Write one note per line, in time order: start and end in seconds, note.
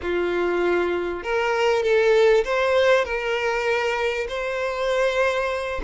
0.01 1.23 F4
1.23 1.82 A#4
1.82 2.44 A4
2.44 3.04 C5
3.04 4.27 A#4
4.28 5.81 C5